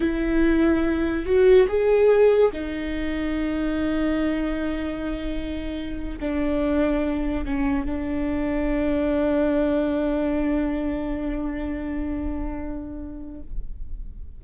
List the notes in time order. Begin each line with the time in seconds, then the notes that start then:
0.00 E4
1.25 F#4
1.68 G#4
2.52 D#4
6.19 D4
7.45 C#4
7.85 D4